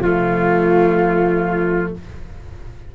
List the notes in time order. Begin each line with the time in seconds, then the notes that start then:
0.00 F3 A3 F4